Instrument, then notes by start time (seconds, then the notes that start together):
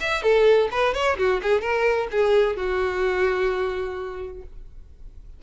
violin
0.00 E5
0.22 A4
0.71 B4
0.94 C#5
1.17 F#4
1.42 G#4
1.61 A#4
2.11 G#4
2.56 F#4